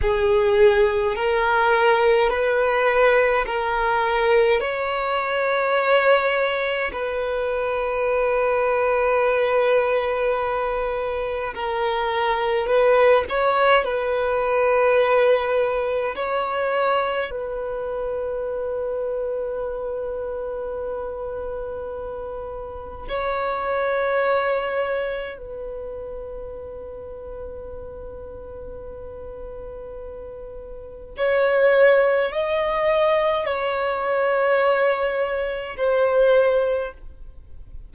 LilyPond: \new Staff \with { instrumentName = "violin" } { \time 4/4 \tempo 4 = 52 gis'4 ais'4 b'4 ais'4 | cis''2 b'2~ | b'2 ais'4 b'8 cis''8 | b'2 cis''4 b'4~ |
b'1 | cis''2 b'2~ | b'2. cis''4 | dis''4 cis''2 c''4 | }